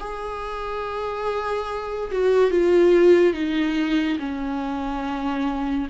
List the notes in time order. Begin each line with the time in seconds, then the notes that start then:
0.00 G#4
2.12 F#4
2.51 F4
3.34 D#4
4.19 C#4